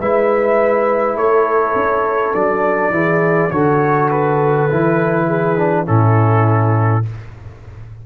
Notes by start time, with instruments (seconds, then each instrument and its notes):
0.00 tuba G#3, trombone E4, horn B4, trumpet E5
1.16 tuba A3, horn A4, trumpet C#5
1.76 tuba C#4
2.35 tuba F#3, trombone D4, trumpet D5
2.91 tuba E3, trombone E4, horn G#4
3.51 tuba D3, trombone F#4, horn A4, trumpet C#5
4.12 trumpet B4
4.71 tuba E3, trombone E4
5.28 horn G#4
5.58 trombone D4
5.86 tuba A2, trombone C#4, horn E4, trumpet A4